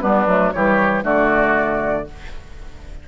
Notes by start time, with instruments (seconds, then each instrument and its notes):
0.00 bassoon G3, clarinet B3, oboe D4, flute B4
0.26 bassoon F#3, clarinet A3
0.52 bassoon E3, clarinet G3, oboe G4, flute C#5
1.02 bassoon D3, clarinet A3, oboe F#4, flute D5